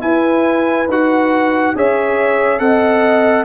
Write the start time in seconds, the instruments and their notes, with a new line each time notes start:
0.00 trombone E4, tuba E4, horn B4, trumpet G#5
0.88 tuba D#4, trombone F#4, trumpet F#5
1.75 tuba C#4, trombone G#4, horn C#5, trumpet E5
2.59 tuba C4, trombone A4, horn D#5, trumpet F#5